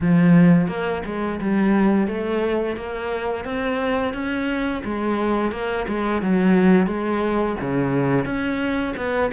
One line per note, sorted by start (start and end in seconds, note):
0.00 0.68 F3
0.68 1.02 A#3
1.05 1.39 G#3
1.40 2.07 G3
2.07 2.76 A3
2.76 3.44 A#3
3.44 4.13 C4
4.13 4.82 C#4
4.84 5.51 G#3
5.51 5.86 A#3
5.88 6.22 G#3
6.22 6.87 F#3
6.87 7.55 G#3
7.60 8.25 C#3
8.25 8.94 C#4
8.97 9.31 B3